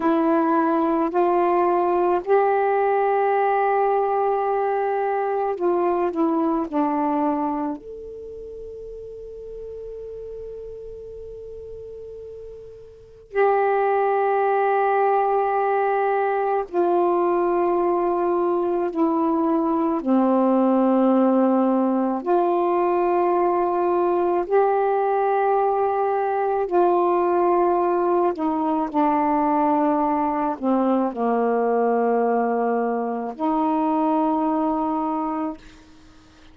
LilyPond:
\new Staff \with { instrumentName = "saxophone" } { \time 4/4 \tempo 4 = 54 e'4 f'4 g'2~ | g'4 f'8 e'8 d'4 a'4~ | a'1 | g'2. f'4~ |
f'4 e'4 c'2 | f'2 g'2 | f'4. dis'8 d'4. c'8 | ais2 dis'2 | }